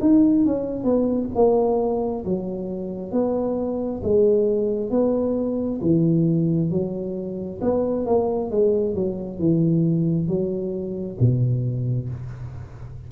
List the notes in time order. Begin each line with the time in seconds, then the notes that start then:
0.00 D#4
0.45 C#4
0.83 B3
1.35 A#3
2.24 F#3
3.11 B3
4.03 G#3
4.90 B3
5.81 E3
6.70 F#3
7.61 B3
8.06 A#3
8.50 G#3
8.94 F#3
9.38 E3
10.27 F#3
11.19 B2